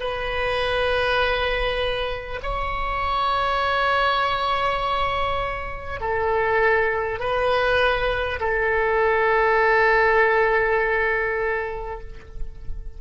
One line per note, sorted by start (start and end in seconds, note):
0.00 2.40 B4
2.42 6.00 C#5
6.00 7.19 A4
7.19 8.39 B4
8.39 11.99 A4